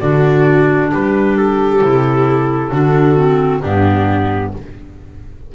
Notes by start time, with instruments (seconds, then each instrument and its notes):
0.00 double bass D3, clarinet D4, viola F#4, trumpet D5
0.91 double bass G3, viola G4, trumpet B4
1.37 trumpet A4
1.82 double bass C3, clarinet E4
2.72 double bass D3, clarinet D4, viola F#4
3.17 clarinet C4
3.62 double bass G2, clarinet B3, viola D4, trumpet G4